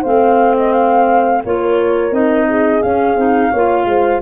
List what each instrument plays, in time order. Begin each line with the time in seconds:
0.00 tuba A3, clarinet C4, horn C5, flute F5
0.57 flute D#5
0.72 flute F5
1.44 tuba A#3, clarinet F4, horn A#4, flute C#5
2.11 tuba C4, clarinet D#4, flute D#5
2.48 horn G#4
2.82 clarinet C#4, tuba C#4, flute F5
3.15 tuba C4, clarinet D#4
3.50 tuba A#3, clarinet F4, horn C#5
3.85 tuba G#3, horn C5